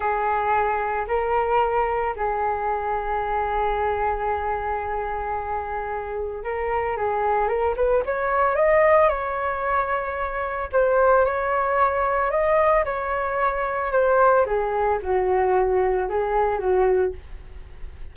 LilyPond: \new Staff \with { instrumentName = "flute" } { \time 4/4 \tempo 4 = 112 gis'2 ais'2 | gis'1~ | gis'1 | ais'4 gis'4 ais'8 b'8 cis''4 |
dis''4 cis''2. | c''4 cis''2 dis''4 | cis''2 c''4 gis'4 | fis'2 gis'4 fis'4 | }